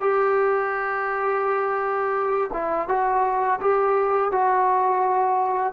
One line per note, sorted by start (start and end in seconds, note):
0.00 2.50 G4
2.52 2.88 E4
2.88 3.59 F#4
3.60 4.31 G4
4.31 5.73 F#4